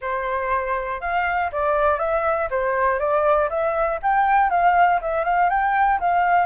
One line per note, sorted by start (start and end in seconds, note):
0.01 1.00 C5
1.00 1.50 F5
1.52 1.98 D5
1.98 2.48 E5
2.50 2.99 C5
2.99 3.49 D5
3.49 3.99 E5
4.02 4.50 G5
4.50 5.00 F5
5.01 5.24 E5
5.24 5.49 F5
5.49 5.99 G5
6.00 6.46 F5